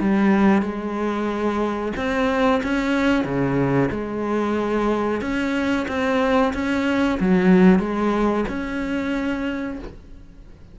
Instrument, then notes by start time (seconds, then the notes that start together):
cello
0.00 G3
0.62 G#3
1.97 C4
2.63 C#4
3.24 C#3
3.91 G#3
5.21 C#4
5.88 C4
6.54 C#4
7.20 F#3
7.79 G#3
8.49 C#4